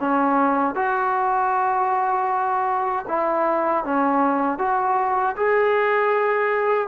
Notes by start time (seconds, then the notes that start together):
0.00 C#4
0.75 F#4
3.08 E4
3.84 C#4
4.58 F#4
5.36 G#4